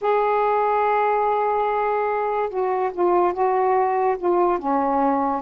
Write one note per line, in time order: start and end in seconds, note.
0.01 2.49 G#4
2.49 2.91 F#4
2.93 3.33 F4
3.33 4.16 F#4
4.18 4.58 F4
4.58 5.41 C#4